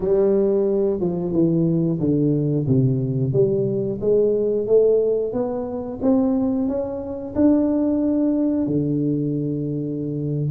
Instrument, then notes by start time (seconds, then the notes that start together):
tuba
0.00 G3
0.99 F3
1.32 E3
1.99 D3
2.67 C3
3.32 G3
4.00 G#3
4.67 A3
5.32 B3
6.02 C4
6.68 C#4
7.35 D4
8.67 D3